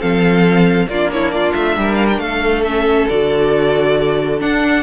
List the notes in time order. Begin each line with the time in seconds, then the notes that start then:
0.00 F3 C4 A4 F5
0.87 A#3 D4 F4 D5
1.11 E4 C#5
1.31 F4 D5
1.54 A3 E5
1.76 G3 A#4
1.95 F5
2.08 G5
2.18 A3 A4 F5
2.63 C#4 E5
3.08 D3 F#4 D5
4.39 D4 F#5